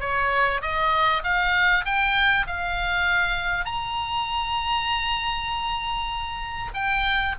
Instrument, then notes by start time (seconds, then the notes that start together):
oboe
0.00 C#5
0.62 D#5
1.24 F5
1.85 G5
2.47 F5
3.65 A#5
6.74 G5